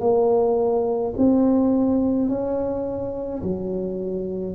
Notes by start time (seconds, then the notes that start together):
0.00 A#3
1.17 C4
2.28 C#4
3.42 F#3